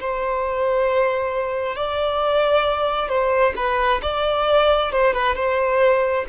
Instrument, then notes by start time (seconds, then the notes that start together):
violin
0.00 C5
1.76 D5
3.09 C5
3.56 B4
4.02 D5
4.92 C5
5.13 B4
5.35 C5